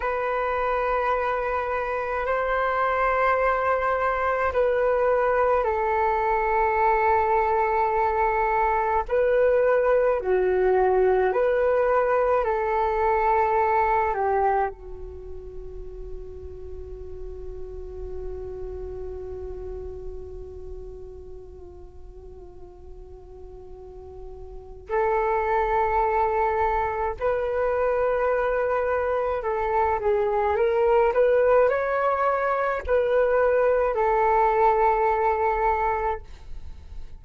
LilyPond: \new Staff \with { instrumentName = "flute" } { \time 4/4 \tempo 4 = 53 b'2 c''2 | b'4 a'2. | b'4 fis'4 b'4 a'4~ | a'8 g'8 fis'2.~ |
fis'1~ | fis'2 a'2 | b'2 a'8 gis'8 ais'8 b'8 | cis''4 b'4 a'2 | }